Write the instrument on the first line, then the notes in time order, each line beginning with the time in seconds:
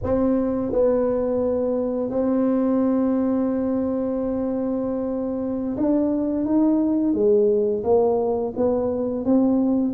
tuba
0.03 C4
0.72 B3
2.09 C4
5.76 D4
6.45 D#4
7.13 G#3
7.83 A#3
8.56 B3
9.24 C4